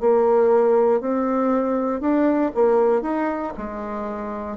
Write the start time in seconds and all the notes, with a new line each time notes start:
0.00 A#3
1.00 C4
2.00 D4
2.55 A#3
3.02 D#4
3.57 G#3